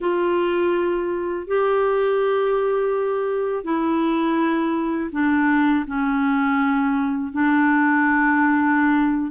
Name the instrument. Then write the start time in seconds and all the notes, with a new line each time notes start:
clarinet
0.00 F4
1.47 G4
3.64 E4
5.12 D4
5.87 C#4
7.32 D4